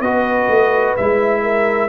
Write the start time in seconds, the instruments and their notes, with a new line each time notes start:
0.00 tuba B3, trombone F#4, horn B4, trumpet D#5
0.48 tuba A3
0.96 tuba G#3, trombone E4, trumpet E5
1.42 horn A#4